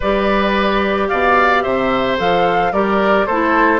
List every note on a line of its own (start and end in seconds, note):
0.00 1.10 G3
0.00 2.17 G4
0.00 1.07 B4
0.00 1.08 D5
1.08 1.65 B2
1.08 1.63 D5
1.08 1.62 F5
1.62 2.19 C3
1.62 2.72 C5
1.62 2.17 E5
2.17 2.72 F3
2.17 2.72 A4
2.17 2.72 F5
2.72 3.26 G3
2.72 3.27 G4
2.72 3.26 A#4
2.72 3.26 D5
3.26 3.79 A3
3.26 3.79 E4
3.26 3.79 A4
3.26 3.79 C5